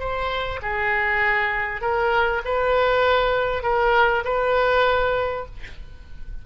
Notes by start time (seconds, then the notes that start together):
0.00 C5
0.63 G#4
1.82 A#4
2.45 B4
3.63 A#4
4.25 B4